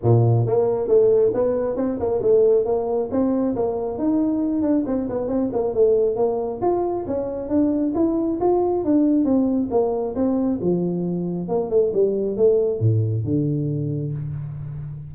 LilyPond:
\new Staff \with { instrumentName = "tuba" } { \time 4/4 \tempo 4 = 136 ais,4 ais4 a4 b4 | c'8 ais8 a4 ais4 c'4 | ais4 dis'4. d'8 c'8 b8 | c'8 ais8 a4 ais4 f'4 |
cis'4 d'4 e'4 f'4 | d'4 c'4 ais4 c'4 | f2 ais8 a8 g4 | a4 a,4 d2 | }